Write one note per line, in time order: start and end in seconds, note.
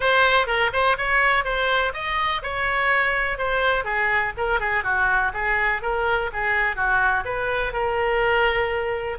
0.00 0.46 C5
0.46 0.70 A#4
0.72 0.97 C5
0.97 1.44 C#5
1.44 1.92 C5
1.93 2.41 D#5
2.42 3.38 C#5
3.38 3.84 C5
3.84 4.32 G#4
4.37 4.60 A#4
4.60 4.83 G#4
4.83 5.32 F#4
5.33 5.82 G#4
5.82 6.30 A#4
6.33 6.75 G#4
6.75 7.24 F#4
7.25 7.72 B4
7.72 9.18 A#4